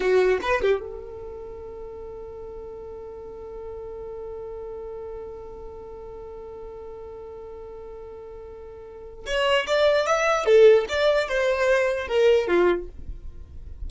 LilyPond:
\new Staff \with { instrumentName = "violin" } { \time 4/4 \tempo 4 = 149 fis'4 b'8 g'8 a'2~ | a'1~ | a'1~ | a'1~ |
a'1~ | a'2. cis''4 | d''4 e''4 a'4 d''4 | c''2 ais'4 f'4 | }